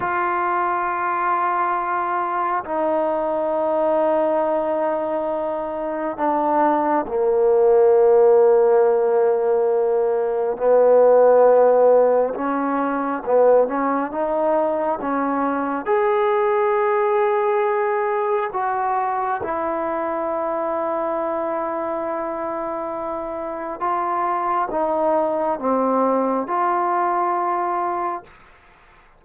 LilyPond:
\new Staff \with { instrumentName = "trombone" } { \time 4/4 \tempo 4 = 68 f'2. dis'4~ | dis'2. d'4 | ais1 | b2 cis'4 b8 cis'8 |
dis'4 cis'4 gis'2~ | gis'4 fis'4 e'2~ | e'2. f'4 | dis'4 c'4 f'2 | }